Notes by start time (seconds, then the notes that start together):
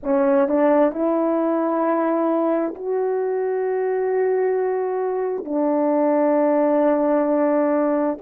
0.03 C#4
0.48 D4
0.92 E4
2.74 F#4
5.44 D4